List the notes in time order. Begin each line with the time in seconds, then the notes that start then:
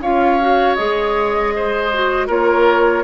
0.00 C#4 F4 C#5 F5
0.40 F#4
0.75 G#3 G#4 D#5
1.56 C5
1.93 F#4
2.27 A#3 F4 A#4 C#5